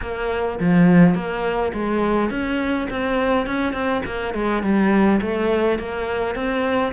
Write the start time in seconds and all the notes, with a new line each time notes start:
0.01 A#3
0.59 F3
1.14 A#3
1.73 G#3
2.30 C#4
2.90 C4
3.46 C#4
3.73 C4
4.05 A#3
4.34 G#3
4.62 G3
5.21 A3
5.78 A#3
6.35 C4